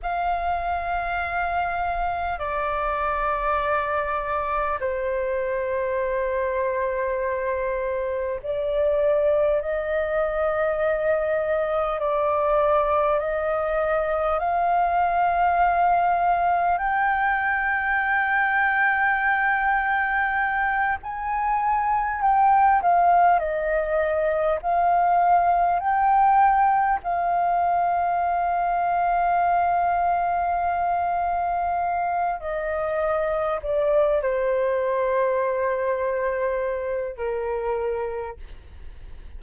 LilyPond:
\new Staff \with { instrumentName = "flute" } { \time 4/4 \tempo 4 = 50 f''2 d''2 | c''2. d''4 | dis''2 d''4 dis''4 | f''2 g''2~ |
g''4. gis''4 g''8 f''8 dis''8~ | dis''8 f''4 g''4 f''4.~ | f''2. dis''4 | d''8 c''2~ c''8 ais'4 | }